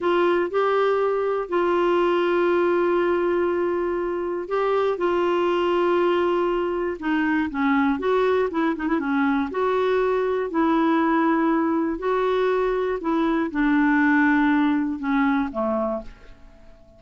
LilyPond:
\new Staff \with { instrumentName = "clarinet" } { \time 4/4 \tempo 4 = 120 f'4 g'2 f'4~ | f'1~ | f'4 g'4 f'2~ | f'2 dis'4 cis'4 |
fis'4 e'8 dis'16 e'16 cis'4 fis'4~ | fis'4 e'2. | fis'2 e'4 d'4~ | d'2 cis'4 a4 | }